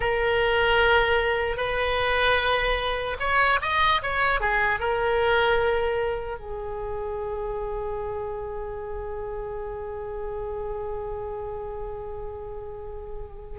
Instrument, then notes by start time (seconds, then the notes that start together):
oboe
0.00 A#4
1.56 B4
3.19 C#5
3.61 D#5
4.02 C#5
4.40 G#4
4.79 A#4
6.39 G#4